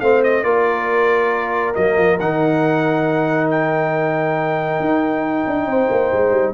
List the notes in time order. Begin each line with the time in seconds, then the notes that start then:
0.00 A3 C4 C5 F5
0.23 D#5
0.43 A#3 F4 A#4 D5
1.74 F#3 A#3 D#5
1.96 F3
2.19 D#3 D#4 F#5
3.50 G5
4.80 D#4
5.46 D4
5.66 C4 C5
5.90 A#3
6.12 G#3
6.31 G3